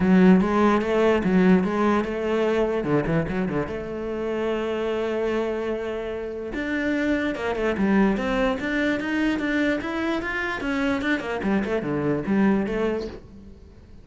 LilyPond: \new Staff \with { instrumentName = "cello" } { \time 4/4 \tempo 4 = 147 fis4 gis4 a4 fis4 | gis4 a2 d8 e8 | fis8 d8 a2.~ | a1 |
d'2 ais8 a8 g4 | c'4 d'4 dis'4 d'4 | e'4 f'4 cis'4 d'8 ais8 | g8 a8 d4 g4 a4 | }